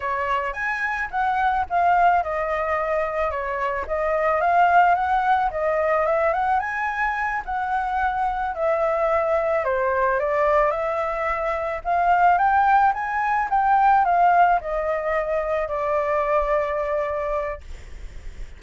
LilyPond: \new Staff \with { instrumentName = "flute" } { \time 4/4 \tempo 4 = 109 cis''4 gis''4 fis''4 f''4 | dis''2 cis''4 dis''4 | f''4 fis''4 dis''4 e''8 fis''8 | gis''4. fis''2 e''8~ |
e''4. c''4 d''4 e''8~ | e''4. f''4 g''4 gis''8~ | gis''8 g''4 f''4 dis''4.~ | dis''8 d''2.~ d''8 | }